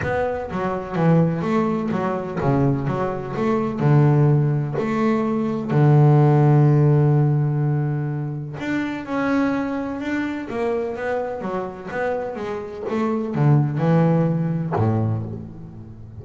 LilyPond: \new Staff \with { instrumentName = "double bass" } { \time 4/4 \tempo 4 = 126 b4 fis4 e4 a4 | fis4 cis4 fis4 a4 | d2 a2 | d1~ |
d2 d'4 cis'4~ | cis'4 d'4 ais4 b4 | fis4 b4 gis4 a4 | d4 e2 a,4 | }